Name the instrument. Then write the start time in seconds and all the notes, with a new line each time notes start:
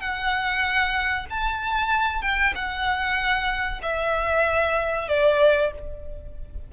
violin
0.00 F#5
1.30 A5
2.22 G5
2.55 F#5
3.82 E5
5.09 D5